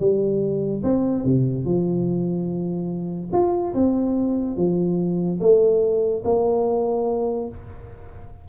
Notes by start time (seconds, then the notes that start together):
0.00 G3
0.84 C4
1.24 C3
1.65 F3
3.33 F4
3.74 C4
4.57 F3
5.41 A3
6.25 A#3